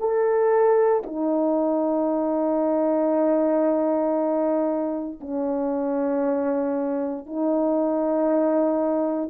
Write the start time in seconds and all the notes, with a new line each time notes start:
0.00 A4
1.06 D#4
5.21 C#4
7.26 D#4